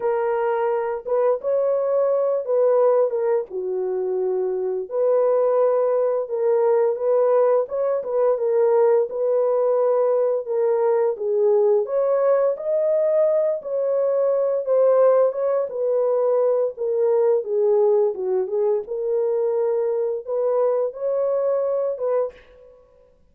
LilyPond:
\new Staff \with { instrumentName = "horn" } { \time 4/4 \tempo 4 = 86 ais'4. b'8 cis''4. b'8~ | b'8 ais'8 fis'2 b'4~ | b'4 ais'4 b'4 cis''8 b'8 | ais'4 b'2 ais'4 |
gis'4 cis''4 dis''4. cis''8~ | cis''4 c''4 cis''8 b'4. | ais'4 gis'4 fis'8 gis'8 ais'4~ | ais'4 b'4 cis''4. b'8 | }